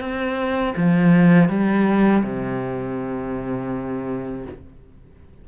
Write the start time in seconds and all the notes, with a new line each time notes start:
0.00 C4
0.77 F3
1.49 G3
2.24 C3